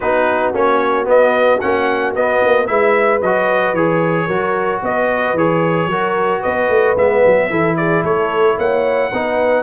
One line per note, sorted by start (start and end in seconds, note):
0.00 0.53 B3
0.00 0.54 D#4
0.00 2.67 F#4
0.00 0.53 B4
0.53 1.07 A#3
0.53 1.05 C#4
0.53 1.08 C#5
1.05 1.58 B3
1.05 1.61 B3
1.05 1.60 D#5
1.60 2.15 A#3
1.60 2.15 C#4
1.60 2.14 F#5
2.15 2.42 B3
2.15 2.66 B3
2.15 2.67 D#5
2.43 2.68 A#3
2.66 3.22 G#3
2.66 3.20 E4
2.66 4.26 B4
2.66 3.20 E5
3.22 3.73 F#3
3.22 3.76 F#4
3.22 3.74 D#5
3.73 4.27 E3
3.73 4.29 G#4
3.73 4.81 C#5
4.26 4.81 F#3
4.26 5.37 F#4
4.26 4.79 A#4
4.82 5.33 B3
4.82 5.89 B4
4.82 5.37 D#5
5.33 5.86 E3
5.33 5.90 G#4
5.33 6.42 C#5
5.86 6.39 F#3
5.86 6.97 F#4
5.86 6.40 A#4
6.40 6.68 B3
6.40 7.47 B4
6.40 6.95 D#5
6.68 6.95 A3
6.95 7.22 G#3
6.95 7.50 B3
6.95 7.76 E5
7.25 7.49 F#3
7.49 8.03 E3
7.49 9.11 E4
7.49 7.76 A4
7.76 8.03 G#4
7.76 8.03 D5
8.03 8.57 A3
8.03 8.57 A4
8.03 8.58 C#5
8.57 9.11 A#3
8.57 9.11 C#5
8.57 9.62 F#5
9.12 9.62 B3
9.12 9.62 D#4
9.12 9.62 B4